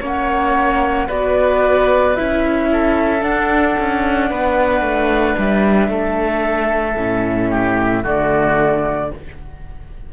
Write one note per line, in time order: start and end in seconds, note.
0.00 1.08 A#3
0.00 1.08 C#4
0.00 1.07 C#5
0.00 1.09 F#5
1.07 2.16 B3
1.07 2.16 F#4
1.07 2.68 B4
1.07 2.15 D5
2.15 3.22 C#4
2.15 3.19 E4
2.15 3.22 E5
2.71 4.29 A4
3.19 6.94 D4
3.19 3.76 D4
3.19 5.37 F#5
3.79 4.31 C#4
4.29 4.81 B3
4.29 5.90 B4
4.81 5.34 A3
5.38 5.88 G3
5.38 8.05 E5
5.88 6.95 A3
5.88 7.50 A4
6.96 8.04 A2
6.96 8.03 C#4
7.50 8.03 G4
8.03 9.11 D3
8.03 9.10 A3
8.03 9.10 F#4
8.03 9.12 D5